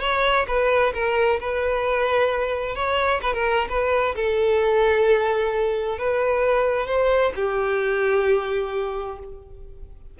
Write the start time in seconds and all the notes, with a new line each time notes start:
0.00 C#5
0.48 B4
0.94 A#4
1.40 B4
2.75 C#5
3.22 B4
3.34 A#4
3.70 B4
4.16 A4
5.99 B4
6.87 C5
7.36 G4